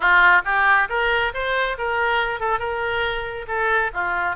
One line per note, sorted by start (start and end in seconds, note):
0.00 0.42 F4
0.44 0.88 G4
0.89 1.32 A#4
1.33 1.77 C5
1.78 2.40 A#4
2.40 2.59 A4
2.59 3.46 A#4
3.47 3.91 A4
3.93 4.36 F4